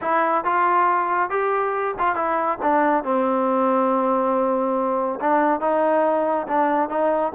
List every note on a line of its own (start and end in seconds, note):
0.01 0.44 E4
0.44 1.30 F4
1.30 1.94 G4
1.98 2.15 F4
2.15 2.58 E4
2.62 3.03 D4
3.03 5.19 C4
5.20 5.60 D4
5.60 6.46 D#4
6.47 6.89 D4
6.89 7.32 D#4